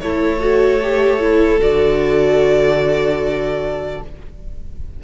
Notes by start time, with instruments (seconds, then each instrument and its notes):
0.00 cello A3, viola E4, violin A4 C#5
0.40 viola F#4
0.82 viola G4
1.20 viola E4
1.59 cello D3, viola F#4, violin D5